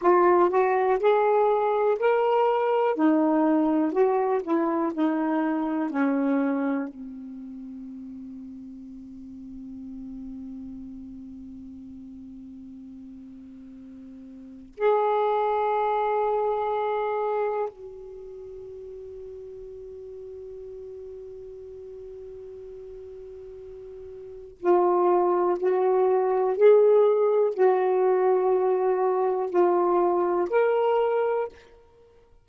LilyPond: \new Staff \with { instrumentName = "saxophone" } { \time 4/4 \tempo 4 = 61 f'8 fis'8 gis'4 ais'4 dis'4 | fis'8 e'8 dis'4 cis'4 c'4~ | c'1~ | c'2. gis'4~ |
gis'2 fis'2~ | fis'1~ | fis'4 f'4 fis'4 gis'4 | fis'2 f'4 ais'4 | }